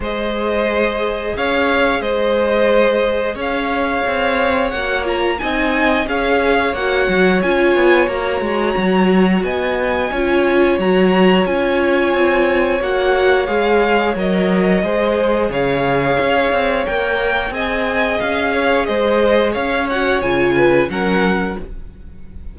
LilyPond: <<
  \new Staff \with { instrumentName = "violin" } { \time 4/4 \tempo 4 = 89 dis''2 f''4 dis''4~ | dis''4 f''2 fis''8 ais''8 | gis''4 f''4 fis''4 gis''4 | ais''2 gis''2 |
ais''4 gis''2 fis''4 | f''4 dis''2 f''4~ | f''4 g''4 gis''4 f''4 | dis''4 f''8 fis''8 gis''4 fis''4 | }
  \new Staff \with { instrumentName = "violin" } { \time 4/4 c''2 cis''4 c''4~ | c''4 cis''2. | dis''4 cis''2.~ | cis''2 dis''4 cis''4~ |
cis''1~ | cis''2 c''4 cis''4~ | cis''2 dis''4. cis''8 | c''4 cis''4. b'8 ais'4 | }
  \new Staff \with { instrumentName = "viola" } { \time 4/4 gis'1~ | gis'2. fis'8 f'8 | dis'4 gis'4 fis'4 f'4 | fis'2. f'4 |
fis'4 f'2 fis'4 | gis'4 ais'4 gis'2~ | gis'4 ais'4 gis'2~ | gis'4. fis'8 f'4 cis'4 | }
  \new Staff \with { instrumentName = "cello" } { \time 4/4 gis2 cis'4 gis4~ | gis4 cis'4 c'4 ais4 | c'4 cis'4 ais8 fis8 cis'8 b8 | ais8 gis8 fis4 b4 cis'4 |
fis4 cis'4 c'4 ais4 | gis4 fis4 gis4 cis4 | cis'8 c'8 ais4 c'4 cis'4 | gis4 cis'4 cis4 fis4 | }
>>